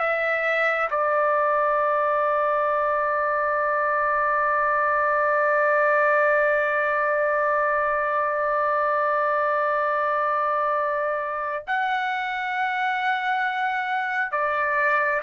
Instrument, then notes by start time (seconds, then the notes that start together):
trumpet
0.00 E5
0.91 D5
11.68 F#5
14.32 D5